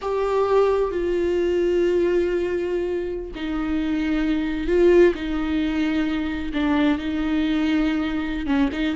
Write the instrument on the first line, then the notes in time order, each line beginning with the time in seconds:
viola
0.01 G4
0.91 F4
3.35 D#4
4.67 F4
5.14 D#4
6.53 D4
6.98 D#4
8.46 C#4
8.72 D#4